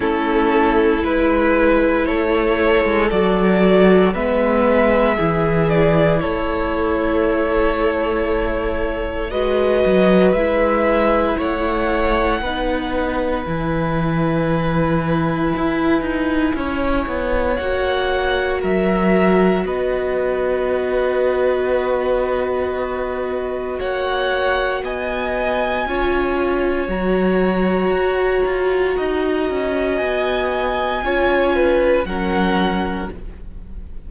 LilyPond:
<<
  \new Staff \with { instrumentName = "violin" } { \time 4/4 \tempo 4 = 58 a'4 b'4 cis''4 d''4 | e''4. d''8 cis''2~ | cis''4 dis''4 e''4 fis''4~ | fis''4 gis''2.~ |
gis''4 fis''4 e''4 dis''4~ | dis''2. fis''4 | gis''2 ais''2~ | ais''4 gis''2 fis''4 | }
  \new Staff \with { instrumentName = "violin" } { \time 4/4 e'2 a'2 | b'4 gis'4 a'2~ | a'4 b'2 cis''4 | b'1 |
cis''2 ais'4 b'4~ | b'2. cis''4 | dis''4 cis''2. | dis''2 cis''8 b'8 ais'4 | }
  \new Staff \with { instrumentName = "viola" } { \time 4/4 cis'4 e'2 fis'4 | b4 e'2.~ | e'4 fis'4 e'2 | dis'4 e'2.~ |
e'4 fis'2.~ | fis'1~ | fis'4 f'4 fis'2~ | fis'2 f'4 cis'4 | }
  \new Staff \with { instrumentName = "cello" } { \time 4/4 a4 gis4 a8. gis16 fis4 | gis4 e4 a2~ | a4 gis8 fis8 gis4 a4 | b4 e2 e'8 dis'8 |
cis'8 b8 ais4 fis4 b4~ | b2. ais4 | b4 cis'4 fis4 fis'8 f'8 | dis'8 cis'8 b4 cis'4 fis4 | }
>>